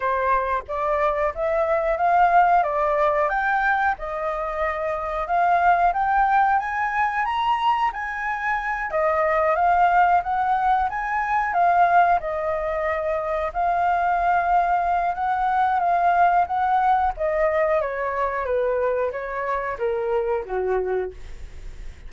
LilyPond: \new Staff \with { instrumentName = "flute" } { \time 4/4 \tempo 4 = 91 c''4 d''4 e''4 f''4 | d''4 g''4 dis''2 | f''4 g''4 gis''4 ais''4 | gis''4. dis''4 f''4 fis''8~ |
fis''8 gis''4 f''4 dis''4.~ | dis''8 f''2~ f''8 fis''4 | f''4 fis''4 dis''4 cis''4 | b'4 cis''4 ais'4 fis'4 | }